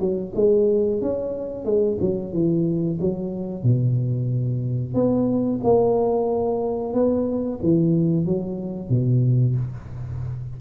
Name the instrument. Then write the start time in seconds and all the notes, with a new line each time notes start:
tuba
0.00 F#3
0.36 G#3
1.02 C#4
1.65 G#3
2.01 F#3
2.33 E3
3.01 F#3
3.63 B2
4.95 B3
5.64 A#3
6.94 B3
7.63 E3
8.26 F#3
8.90 B2